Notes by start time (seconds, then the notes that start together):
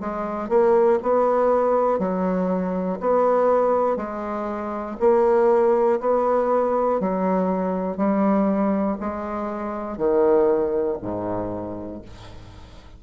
0.00 G#3
0.49 A#3
1.02 B3
1.99 F#3
3.00 B3
3.96 G#3
5.00 A#3
6.00 B3
7.00 F#3
7.97 G3
9.00 G#3
9.97 D#3
11.02 G#2